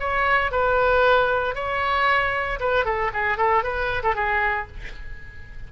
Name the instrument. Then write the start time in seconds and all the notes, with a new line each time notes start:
oboe
0.00 C#5
0.52 B4
1.56 C#5
2.60 B4
2.85 A4
3.14 G#4
3.38 A4
3.64 B4
4.03 A4
4.15 G#4